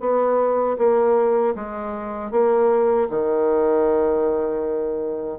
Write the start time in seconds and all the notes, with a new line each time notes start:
0.00 B3
0.78 A#3
1.55 G#3
2.31 A#3
3.09 D#3